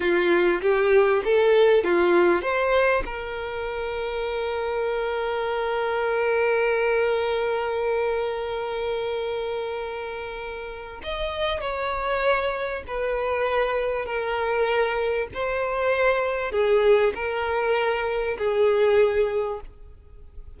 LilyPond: \new Staff \with { instrumentName = "violin" } { \time 4/4 \tempo 4 = 98 f'4 g'4 a'4 f'4 | c''4 ais'2.~ | ais'1~ | ais'1~ |
ais'2 dis''4 cis''4~ | cis''4 b'2 ais'4~ | ais'4 c''2 gis'4 | ais'2 gis'2 | }